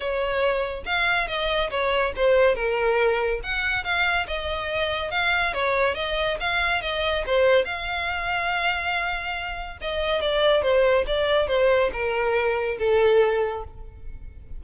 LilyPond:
\new Staff \with { instrumentName = "violin" } { \time 4/4 \tempo 4 = 141 cis''2 f''4 dis''4 | cis''4 c''4 ais'2 | fis''4 f''4 dis''2 | f''4 cis''4 dis''4 f''4 |
dis''4 c''4 f''2~ | f''2. dis''4 | d''4 c''4 d''4 c''4 | ais'2 a'2 | }